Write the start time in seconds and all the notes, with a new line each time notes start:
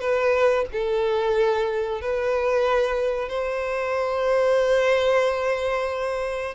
0.00 B4
0.73 A4
2.01 B4
3.29 C5